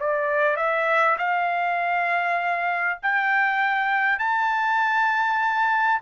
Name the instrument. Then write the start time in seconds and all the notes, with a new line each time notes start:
trumpet
0.00 D5
0.57 E5
1.18 F5
3.03 G5
4.19 A5